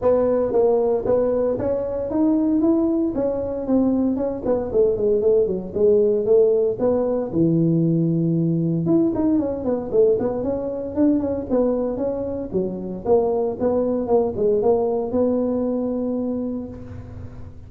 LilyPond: \new Staff \with { instrumentName = "tuba" } { \time 4/4 \tempo 4 = 115 b4 ais4 b4 cis'4 | dis'4 e'4 cis'4 c'4 | cis'8 b8 a8 gis8 a8 fis8 gis4 | a4 b4 e2~ |
e4 e'8 dis'8 cis'8 b8 a8 b8 | cis'4 d'8 cis'8 b4 cis'4 | fis4 ais4 b4 ais8 gis8 | ais4 b2. | }